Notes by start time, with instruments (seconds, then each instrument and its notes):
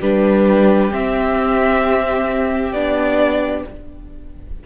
0.00 cello G3, viola D4, violin G4 B4
0.91 viola C4, cello C4, violin E5
2.73 cello B3, viola D4, violin D5